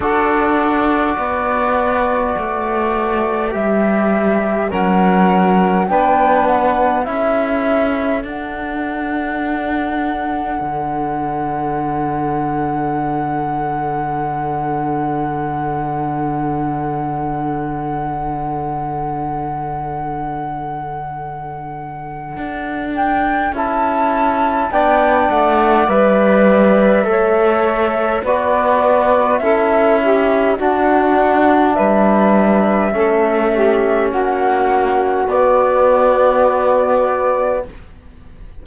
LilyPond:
<<
  \new Staff \with { instrumentName = "flute" } { \time 4/4 \tempo 4 = 51 d''2. e''4 | fis''4 g''8 fis''8 e''4 fis''4~ | fis''1~ | fis''1~ |
fis''2.~ fis''8 g''8 | a''4 g''8 fis''8 e''2 | d''4 e''4 fis''4 e''4~ | e''4 fis''4 d''2 | }
  \new Staff \with { instrumentName = "saxophone" } { \time 4/4 a'4 b'2. | ais'4 b'4 a'2~ | a'1~ | a'1~ |
a'1~ | a'4 d''2 cis''4 | b'4 a'8 g'8 fis'4 b'4 | a'8 g'8 fis'2. | }
  \new Staff \with { instrumentName = "trombone" } { \time 4/4 fis'2. g'4 | cis'4 d'4 e'4 d'4~ | d'1~ | d'1~ |
d'1 | e'4 d'4 b'4 a'4 | fis'4 e'4 d'2 | cis'2 b2 | }
  \new Staff \with { instrumentName = "cello" } { \time 4/4 d'4 b4 a4 g4 | fis4 b4 cis'4 d'4~ | d'4 d2.~ | d1~ |
d2. d'4 | cis'4 b8 a8 g4 a4 | b4 cis'4 d'4 g4 | a4 ais4 b2 | }
>>